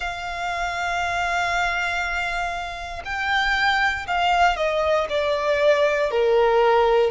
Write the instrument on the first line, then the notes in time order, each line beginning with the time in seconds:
violin
0.00 F5
3.04 G5
4.07 F5
4.56 D#5
5.08 D5
6.10 A#4